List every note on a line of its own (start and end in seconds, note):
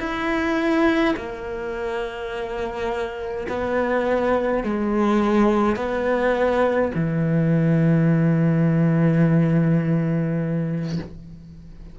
0.00 1.15 E4
1.17 3.48 A#3
3.49 4.64 B3
4.64 5.76 G#3
5.76 6.92 B3
6.95 10.99 E3